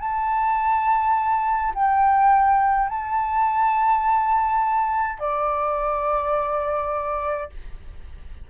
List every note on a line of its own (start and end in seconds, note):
0.00 1.73 A5
1.75 2.90 G5
2.90 5.19 A5
5.19 7.50 D5